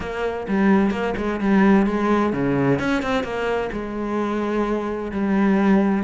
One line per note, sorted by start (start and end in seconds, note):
0.00 0.47 A#3
0.48 0.90 G3
0.90 1.14 A#3
1.17 1.40 G#3
1.40 1.86 G3
1.86 2.33 G#3
2.33 2.79 C#3
2.79 3.02 C#4
3.02 3.23 C4
3.23 3.70 A#3
3.72 5.11 G#3
5.11 6.03 G3